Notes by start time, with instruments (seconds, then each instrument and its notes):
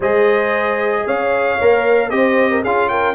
0.00 tuba G#3, trombone G#4, horn C5, trumpet D#5
1.05 tuba C#4, horn C#5, trumpet F5
1.61 tuba A#3, trombone A#4
2.10 tuba C4, trombone G4, horn C5, trumpet D#5
2.50 horn A#4
2.62 tuba C#4, trombone F4, horn G#4, trumpet F5
2.89 horn A#4, trumpet G5